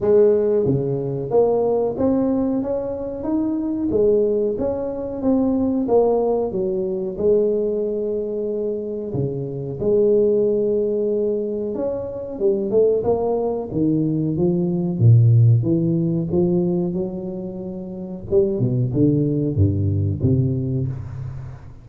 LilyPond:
\new Staff \with { instrumentName = "tuba" } { \time 4/4 \tempo 4 = 92 gis4 cis4 ais4 c'4 | cis'4 dis'4 gis4 cis'4 | c'4 ais4 fis4 gis4~ | gis2 cis4 gis4~ |
gis2 cis'4 g8 a8 | ais4 dis4 f4 ais,4 | e4 f4 fis2 | g8 b,8 d4 g,4 c4 | }